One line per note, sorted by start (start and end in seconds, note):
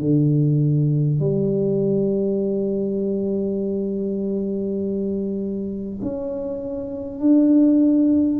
0.00 1.20 D3
1.20 6.00 G3
6.02 7.20 C#4
7.20 8.40 D4